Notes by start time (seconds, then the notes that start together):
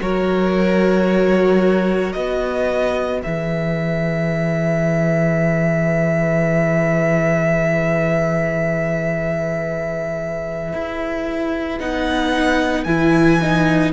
0.00 F#3 F#4 A#4 C#5
2.12 B3 B4 D#5
3.21 E3 G#4 E5
10.73 E4
11.79 B3 D#4 F#5
12.83 E3 E4 G#5
13.41 D#4